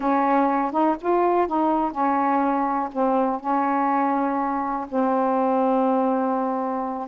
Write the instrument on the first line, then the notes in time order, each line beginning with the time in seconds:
saxophone
0.00 C#4
0.71 D#4
1.00 F4
1.47 D#4
1.91 C#4
2.92 C4
3.40 C#4
4.88 C4